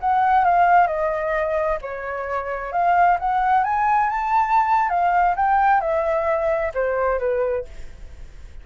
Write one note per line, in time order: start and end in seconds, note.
0.00 0.45 F#5
0.45 0.87 F5
0.87 1.78 D#5
1.81 2.72 C#5
2.72 3.18 F5
3.19 3.64 F#5
3.64 4.10 G#5
4.10 4.89 A5
4.89 5.35 F5
5.36 5.81 G5
5.81 6.72 E5
6.74 7.19 C5
7.19 7.65 B4